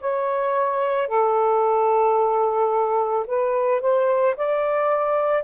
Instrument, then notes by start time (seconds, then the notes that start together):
saxophone
0.00 C#5
1.07 A4
3.27 B4
3.80 C5
4.36 D5